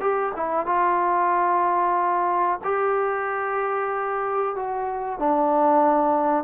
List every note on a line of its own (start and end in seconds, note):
0.00 0.32 G4
0.36 0.66 E4
0.66 2.59 F4
2.64 4.55 G4
4.55 5.19 F#4
5.19 6.44 D4